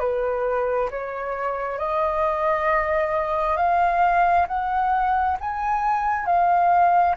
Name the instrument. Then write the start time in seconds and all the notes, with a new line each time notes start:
flute
0.00 B4
0.90 C#5
1.79 D#5
3.57 F5
4.48 F#5
5.41 G#5
6.26 F5